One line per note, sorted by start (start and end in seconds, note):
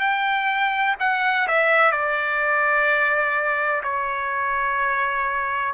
0.00 0.95 G5
1.00 1.47 F#5
1.47 1.91 E5
1.91 3.82 D5
3.83 5.73 C#5